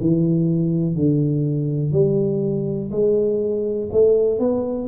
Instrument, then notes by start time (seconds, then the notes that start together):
tuba
0.00 E3
0.95 D3
1.92 G3
2.91 G#3
3.92 A3
4.39 B3